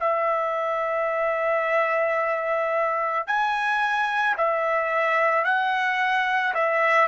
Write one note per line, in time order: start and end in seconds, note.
0.00 3.27 E5
3.27 4.36 G#5
4.37 5.44 E5
5.44 6.54 F#5
6.54 7.08 E5